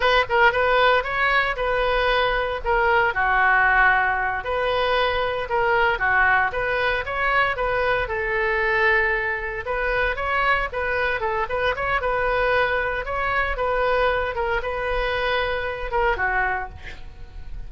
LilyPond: \new Staff \with { instrumentName = "oboe" } { \time 4/4 \tempo 4 = 115 b'8 ais'8 b'4 cis''4 b'4~ | b'4 ais'4 fis'2~ | fis'8 b'2 ais'4 fis'8~ | fis'8 b'4 cis''4 b'4 a'8~ |
a'2~ a'8 b'4 cis''8~ | cis''8 b'4 a'8 b'8 cis''8 b'4~ | b'4 cis''4 b'4. ais'8 | b'2~ b'8 ais'8 fis'4 | }